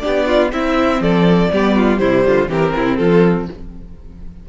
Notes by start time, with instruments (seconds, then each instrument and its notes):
0.00 viola D4, violin G4 D5
0.07 cello B3
0.28 violin F4
0.52 viola C4, cello C4, violin E4 E5
1.01 cello F3, violin A4 D5
1.52 cello G3, viola B3, violin G4
1.76 violin F4
1.99 cello C3, viola G3, violin E4 C5
2.27 cello D3, violin F4
2.49 cello E3, viola C4, violin G4 A#4
2.76 cello C3, violin E4
2.97 cello F3, violin F4 A4